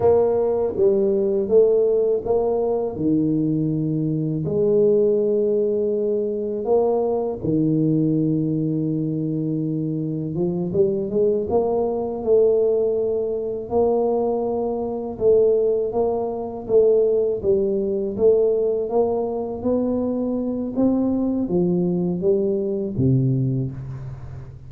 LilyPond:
\new Staff \with { instrumentName = "tuba" } { \time 4/4 \tempo 4 = 81 ais4 g4 a4 ais4 | dis2 gis2~ | gis4 ais4 dis2~ | dis2 f8 g8 gis8 ais8~ |
ais8 a2 ais4.~ | ais8 a4 ais4 a4 g8~ | g8 a4 ais4 b4. | c'4 f4 g4 c4 | }